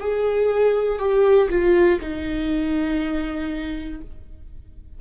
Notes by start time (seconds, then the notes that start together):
0.00 G#4
0.99 G4
1.50 F4
2.01 D#4